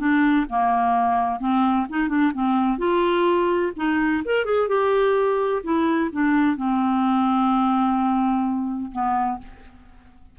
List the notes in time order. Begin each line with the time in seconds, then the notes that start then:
0.00 D4
0.50 A#3
1.40 C4
1.90 D#4
2.09 D4
2.34 C4
2.79 F4
3.77 D#4
4.26 A#4
4.45 G#4
4.69 G4
5.64 E4
6.13 D4
6.57 C4
8.92 B3